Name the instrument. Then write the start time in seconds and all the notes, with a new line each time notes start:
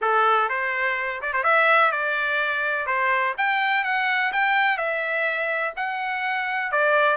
trumpet
0.01 A4
0.49 C5
1.21 D5
1.33 C5
1.43 E5
1.91 D5
2.86 C5
3.37 G5
3.84 F#5
4.32 G5
4.77 E5
5.76 F#5
6.71 D5